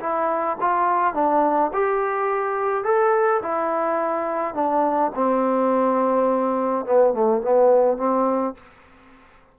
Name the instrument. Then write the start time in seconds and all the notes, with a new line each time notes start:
trombone
0.00 E4
0.61 F4
1.14 D4
1.73 G4
2.84 A4
3.43 E4
4.55 D4
5.15 C4
6.86 B3
7.14 A3
7.42 B3
7.97 C4